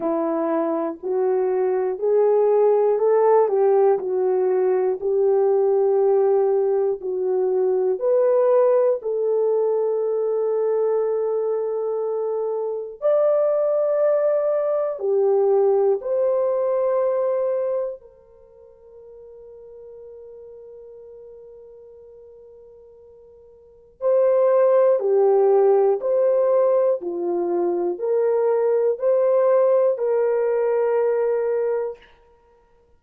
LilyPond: \new Staff \with { instrumentName = "horn" } { \time 4/4 \tempo 4 = 60 e'4 fis'4 gis'4 a'8 g'8 | fis'4 g'2 fis'4 | b'4 a'2.~ | a'4 d''2 g'4 |
c''2 ais'2~ | ais'1 | c''4 g'4 c''4 f'4 | ais'4 c''4 ais'2 | }